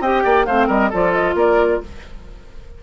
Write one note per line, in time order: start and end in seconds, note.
0.00 0.23 C4
0.00 0.47 G4
0.00 0.23 D#5
0.00 0.45 G5
0.23 0.47 A#3
0.23 0.46 D5
0.45 0.68 A3
0.45 0.92 C4
0.45 0.67 C5
0.45 0.68 F5
0.67 0.91 G3
0.67 0.89 A#4
0.67 0.93 D#5
0.89 1.34 F3
0.89 1.83 F4
0.89 1.34 A4
0.89 1.12 D5
1.12 1.35 D#5
1.34 1.79 A#3
1.34 1.81 A#4
1.34 1.83 D5